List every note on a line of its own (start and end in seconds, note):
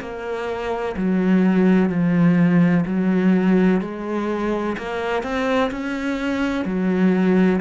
0.00 0.95 A#3
0.97 1.90 F#3
1.90 2.85 F3
2.86 3.81 F#3
3.81 4.77 G#3
4.77 5.23 A#3
5.23 5.71 C4
5.71 6.65 C#4
6.65 7.60 F#3